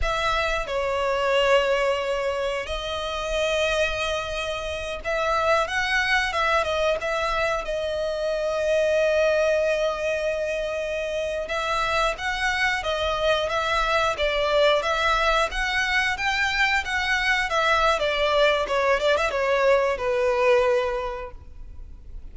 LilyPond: \new Staff \with { instrumentName = "violin" } { \time 4/4 \tempo 4 = 90 e''4 cis''2. | dis''2.~ dis''8 e''8~ | e''8 fis''4 e''8 dis''8 e''4 dis''8~ | dis''1~ |
dis''4~ dis''16 e''4 fis''4 dis''8.~ | dis''16 e''4 d''4 e''4 fis''8.~ | fis''16 g''4 fis''4 e''8. d''4 | cis''8 d''16 e''16 cis''4 b'2 | }